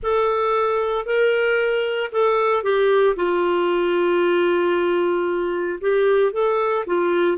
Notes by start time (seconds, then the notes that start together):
0.02 A4
1.05 A#4
2.11 A4
2.63 G4
3.16 F4
5.80 G4
6.32 A4
6.86 F4